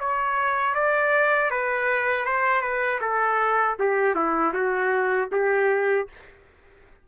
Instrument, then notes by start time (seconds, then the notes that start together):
trumpet
0.00 C#5
0.75 D5
1.51 B4
2.26 C5
2.62 B4
3.02 A4
3.80 G4
4.15 E4
4.54 F#4
5.32 G4